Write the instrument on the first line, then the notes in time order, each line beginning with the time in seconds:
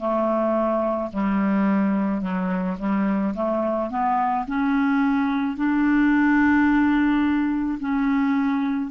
clarinet
0.00 A3
1.13 G3
2.22 F#3
2.79 G3
3.35 A3
3.90 B3
4.47 C#4
5.57 D4
7.80 C#4